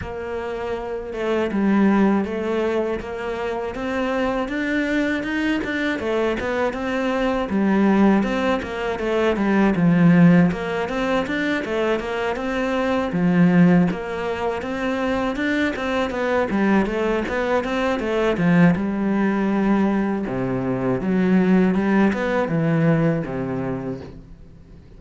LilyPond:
\new Staff \with { instrumentName = "cello" } { \time 4/4 \tempo 4 = 80 ais4. a8 g4 a4 | ais4 c'4 d'4 dis'8 d'8 | a8 b8 c'4 g4 c'8 ais8 | a8 g8 f4 ais8 c'8 d'8 a8 |
ais8 c'4 f4 ais4 c'8~ | c'8 d'8 c'8 b8 g8 a8 b8 c'8 | a8 f8 g2 c4 | fis4 g8 b8 e4 c4 | }